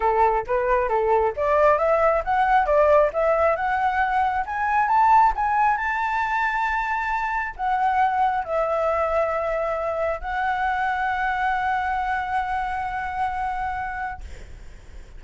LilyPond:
\new Staff \with { instrumentName = "flute" } { \time 4/4 \tempo 4 = 135 a'4 b'4 a'4 d''4 | e''4 fis''4 d''4 e''4 | fis''2 gis''4 a''4 | gis''4 a''2.~ |
a''4 fis''2 e''4~ | e''2. fis''4~ | fis''1~ | fis''1 | }